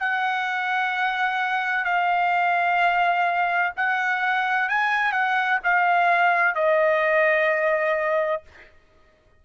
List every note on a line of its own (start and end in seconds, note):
0.00 1.85 F#5
1.85 3.72 F5
3.77 4.69 F#5
4.69 5.13 G#5
5.13 5.60 F#5
5.64 6.55 F5
6.55 8.43 D#5